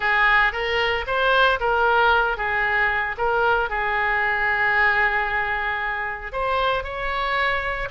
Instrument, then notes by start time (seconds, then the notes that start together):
oboe
0.00 G#4
0.52 A#4
1.06 C5
1.60 A#4
2.37 G#4
3.17 A#4
3.69 G#4
6.32 C5
6.83 C#5